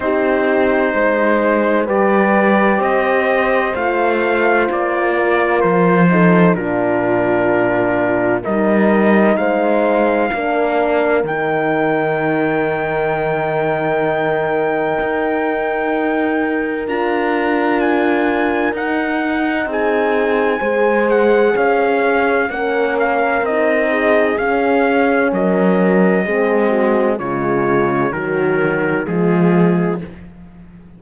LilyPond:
<<
  \new Staff \with { instrumentName = "trumpet" } { \time 4/4 \tempo 4 = 64 c''2 d''4 dis''4 | f''4 d''4 c''4 ais'4~ | ais'4 dis''4 f''2 | g''1~ |
g''2 ais''4 gis''4 | fis''4 gis''4. fis''8 f''4 | fis''8 f''8 dis''4 f''4 dis''4~ | dis''4 cis''4 ais'4 gis'4 | }
  \new Staff \with { instrumentName = "horn" } { \time 4/4 g'4 c''4 b'4 c''4~ | c''4. ais'4 a'8 f'4~ | f'4 ais'4 c''4 ais'4~ | ais'1~ |
ais'1~ | ais'4 gis'4 c''4 cis''4 | ais'4. gis'4. ais'4 | gis'8 fis'8 f'4 fis'4 f'4 | }
  \new Staff \with { instrumentName = "horn" } { \time 4/4 dis'2 g'2 | f'2~ f'8 dis'8 d'4~ | d'4 dis'2 d'4 | dis'1~ |
dis'2 f'2 | dis'2 gis'2 | cis'4 dis'4 cis'2 | c'4 gis4 fis4 gis4 | }
  \new Staff \with { instrumentName = "cello" } { \time 4/4 c'4 gis4 g4 c'4 | a4 ais4 f4 ais,4~ | ais,4 g4 gis4 ais4 | dis1 |
dis'2 d'2 | dis'4 c'4 gis4 cis'4 | ais4 c'4 cis'4 fis4 | gis4 cis4 dis4 f4 | }
>>